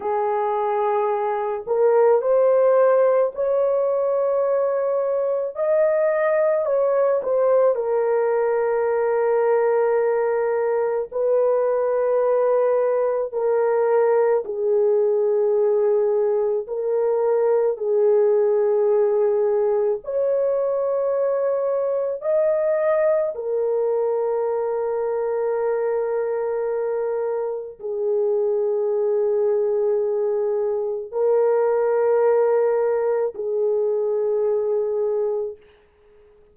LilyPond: \new Staff \with { instrumentName = "horn" } { \time 4/4 \tempo 4 = 54 gis'4. ais'8 c''4 cis''4~ | cis''4 dis''4 cis''8 c''8 ais'4~ | ais'2 b'2 | ais'4 gis'2 ais'4 |
gis'2 cis''2 | dis''4 ais'2.~ | ais'4 gis'2. | ais'2 gis'2 | }